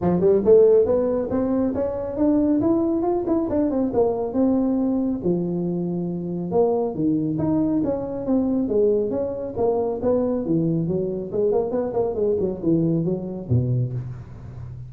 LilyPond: \new Staff \with { instrumentName = "tuba" } { \time 4/4 \tempo 4 = 138 f8 g8 a4 b4 c'4 | cis'4 d'4 e'4 f'8 e'8 | d'8 c'8 ais4 c'2 | f2. ais4 |
dis4 dis'4 cis'4 c'4 | gis4 cis'4 ais4 b4 | e4 fis4 gis8 ais8 b8 ais8 | gis8 fis8 e4 fis4 b,4 | }